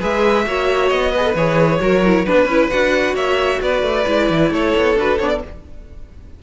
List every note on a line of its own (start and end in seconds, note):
0.00 0.47 G#3
0.00 0.45 G#4
0.00 0.45 B4
0.00 0.89 E5
0.47 0.91 A#3
0.47 1.15 F#4
0.47 1.12 C#5
0.89 1.35 B3
0.89 1.34 D#5
1.12 1.24 G#4
1.12 1.79 B4
1.24 1.36 A4
1.35 1.80 E3
1.35 1.81 G#4
1.35 2.26 C#5
1.81 2.27 F#3
1.81 2.03 F#4
1.81 2.26 A#4
2.05 2.27 E4
2.26 2.46 B3
2.26 2.49 D4
2.26 3.15 B4
2.26 2.71 B4
2.46 2.68 C#4
2.46 2.72 E4
2.71 3.14 D4
2.71 4.06 F#4
2.71 3.16 F#5
3.14 3.60 A#3
3.14 3.60 C#5
3.14 3.61 E5
3.62 3.83 B3
3.62 4.52 B4
3.62 4.53 D5
3.83 4.05 A3
4.06 4.30 G#3
4.06 4.97 E4
4.30 4.51 E3
4.51 4.73 A3
4.51 5.43 A4
4.51 4.98 C#5
4.77 4.97 B3
4.97 5.19 D4
4.97 5.20 F#4
4.97 5.19 B4
5.19 5.42 B3
5.19 5.43 D4
5.19 5.29 C#5
5.29 5.40 D5